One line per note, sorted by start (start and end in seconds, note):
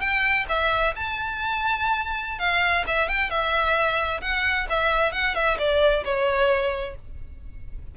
0.00 0.45 G5
0.48 0.94 E5
0.95 2.39 A5
2.39 2.84 F5
2.87 3.08 E5
3.08 3.30 G5
3.30 4.21 E5
4.21 4.66 F#5
4.69 5.12 E5
5.12 5.35 F#5
5.35 5.57 E5
5.58 6.04 D5
6.04 6.95 C#5